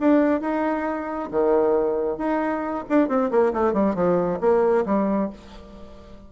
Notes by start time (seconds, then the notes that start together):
0.00 D4
0.41 D#4
1.32 D#3
2.18 D#4
2.89 D4
3.08 C4
3.31 A#3
3.53 A3
3.74 G3
3.95 F3
4.40 A#3
4.86 G3